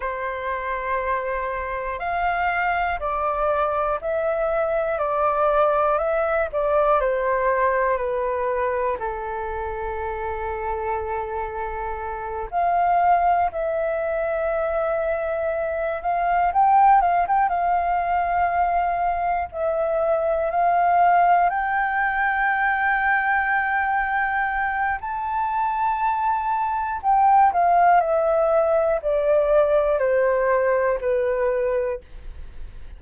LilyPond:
\new Staff \with { instrumentName = "flute" } { \time 4/4 \tempo 4 = 60 c''2 f''4 d''4 | e''4 d''4 e''8 d''8 c''4 | b'4 a'2.~ | a'8 f''4 e''2~ e''8 |
f''8 g''8 f''16 g''16 f''2 e''8~ | e''8 f''4 g''2~ g''8~ | g''4 a''2 g''8 f''8 | e''4 d''4 c''4 b'4 | }